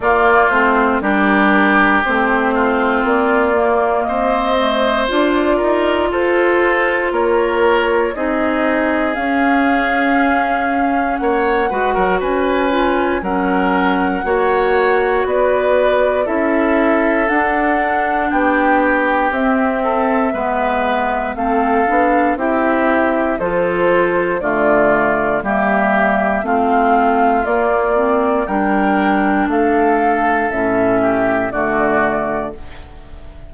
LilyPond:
<<
  \new Staff \with { instrumentName = "flute" } { \time 4/4 \tempo 4 = 59 d''8 c''8 ais'4 c''4 d''4 | dis''4 d''4 c''4 cis''4 | dis''4 f''2 fis''4 | gis''4 fis''2 d''4 |
e''4 fis''4 g''4 e''4~ | e''4 f''4 e''4 c''4 | d''4 e''4 f''4 d''4 | g''4 f''4 e''4 d''4 | }
  \new Staff \with { instrumentName = "oboe" } { \time 4/4 f'4 g'4. f'4. | c''4. ais'8 a'4 ais'4 | gis'2. cis''8 b'16 ais'16 | b'4 ais'4 cis''4 b'4 |
a'2 g'4. a'8 | b'4 a'4 g'4 a'4 | f'4 g'4 f'2 | ais'4 a'4. g'8 fis'4 | }
  \new Staff \with { instrumentName = "clarinet" } { \time 4/4 ais8 c'8 d'4 c'4. ais8~ | ais8 a8 f'2. | dis'4 cis'2~ cis'8 fis'8~ | fis'8 f'8 cis'4 fis'2 |
e'4 d'2 c'4 | b4 c'8 d'8 e'4 f'4 | a4 ais4 c'4 ais8 c'8 | d'2 cis'4 a4 | }
  \new Staff \with { instrumentName = "bassoon" } { \time 4/4 ais8 a8 g4 a4 ais4 | c'4 d'8 dis'8 f'4 ais4 | c'4 cis'2 ais8 gis16 fis16 | cis'4 fis4 ais4 b4 |
cis'4 d'4 b4 c'4 | gis4 a8 b8 c'4 f4 | d4 g4 a4 ais4 | g4 a4 a,4 d4 | }
>>